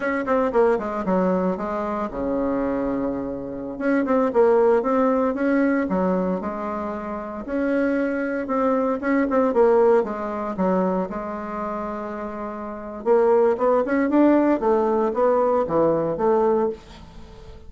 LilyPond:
\new Staff \with { instrumentName = "bassoon" } { \time 4/4 \tempo 4 = 115 cis'8 c'8 ais8 gis8 fis4 gis4 | cis2.~ cis16 cis'8 c'16~ | c'16 ais4 c'4 cis'4 fis8.~ | fis16 gis2 cis'4.~ cis'16~ |
cis'16 c'4 cis'8 c'8 ais4 gis8.~ | gis16 fis4 gis2~ gis8.~ | gis4 ais4 b8 cis'8 d'4 | a4 b4 e4 a4 | }